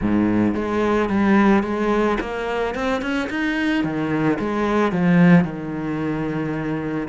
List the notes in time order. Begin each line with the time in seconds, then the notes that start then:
0.01 G#2
0.55 G#3
1.09 G3
1.63 G#3
2.20 A#3
2.74 C4
3.01 C#4
3.29 D#4
3.84 D#3
4.39 G#3
4.92 F3
5.44 D#3